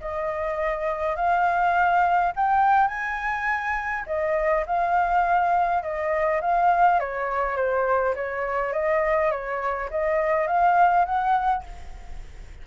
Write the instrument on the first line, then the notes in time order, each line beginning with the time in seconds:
flute
0.00 D#5
1.16 F5
2.36 G5
2.88 G#5
4.06 D#5
4.66 F5
5.83 D#5
6.41 F5
6.99 C#5
7.56 C5
8.15 C#5
8.73 D#5
9.31 C#5
9.90 D#5
10.47 F5
11.05 F#5